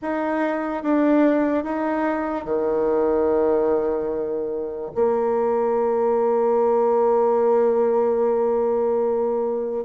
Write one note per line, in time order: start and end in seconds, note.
0.02 0.83 D#4
0.83 1.64 D4
1.64 2.44 D#4
2.44 4.91 D#3
4.95 9.84 A#3